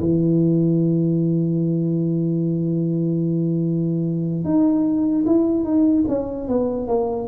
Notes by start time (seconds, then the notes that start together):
0.00 E3
4.44 D#4
5.26 E4
5.64 D#4
6.08 C#4
6.48 B3
6.88 A#3